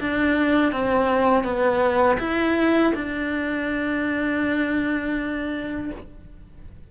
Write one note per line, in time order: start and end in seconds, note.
0.00 0.72 D4
0.72 1.43 C4
1.43 2.18 B3
2.19 2.93 E4
2.95 5.91 D4